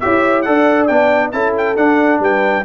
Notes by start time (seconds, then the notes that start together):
0.00 E4 G4 C#5 E5
0.42 D4 A4 D5 F#5
0.87 B3 D4 G5
1.31 C#4 E4 A4 A5
1.57 G5
1.76 D4 F#5
2.19 G3 B4 G5